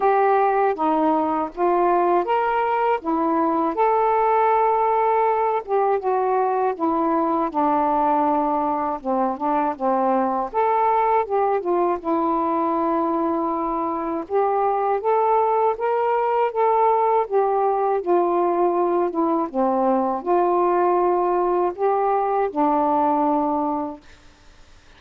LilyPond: \new Staff \with { instrumentName = "saxophone" } { \time 4/4 \tempo 4 = 80 g'4 dis'4 f'4 ais'4 | e'4 a'2~ a'8 g'8 | fis'4 e'4 d'2 | c'8 d'8 c'4 a'4 g'8 f'8 |
e'2. g'4 | a'4 ais'4 a'4 g'4 | f'4. e'8 c'4 f'4~ | f'4 g'4 d'2 | }